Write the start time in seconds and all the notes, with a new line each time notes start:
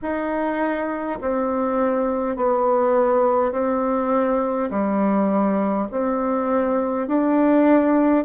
0.02 D#4
1.21 C4
2.36 B3
3.51 C4
4.70 G3
5.91 C4
7.07 D4